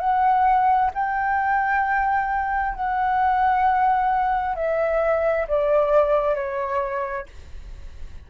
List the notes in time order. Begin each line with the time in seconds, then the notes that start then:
0.00 F#5
0.94 G5
2.75 F#5
4.56 E5
5.48 D5
6.35 C#5